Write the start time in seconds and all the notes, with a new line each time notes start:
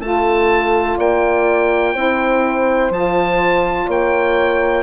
0.00 A3 F4 A4 A5
0.97 A#3 D5 G5
1.94 C4 E4 C5
2.91 F3 F4 A5
3.87 A#3 C#5 G5